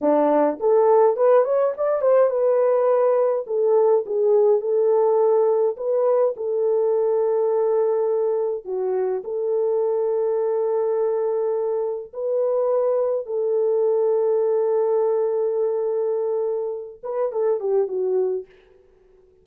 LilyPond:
\new Staff \with { instrumentName = "horn" } { \time 4/4 \tempo 4 = 104 d'4 a'4 b'8 cis''8 d''8 c''8 | b'2 a'4 gis'4 | a'2 b'4 a'4~ | a'2. fis'4 |
a'1~ | a'4 b'2 a'4~ | a'1~ | a'4. b'8 a'8 g'8 fis'4 | }